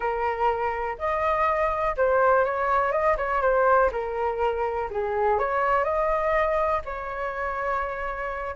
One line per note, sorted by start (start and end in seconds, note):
0.00 0.96 A#4
0.98 1.96 D#5
1.96 2.45 C5
2.45 2.91 C#5
2.91 3.16 D#5
3.17 3.41 C#5
3.41 3.90 C5
3.92 4.89 A#4
4.90 5.39 G#4
5.39 5.83 C#5
5.83 6.81 D#5
6.85 8.55 C#5